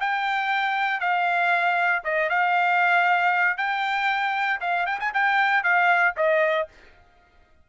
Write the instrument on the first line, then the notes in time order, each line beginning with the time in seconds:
trumpet
0.00 G5
1.00 F5
2.04 D#5
2.29 F5
3.57 G5
4.60 F5
4.86 G5
5.00 G#5
5.14 G5
5.63 F5
6.17 D#5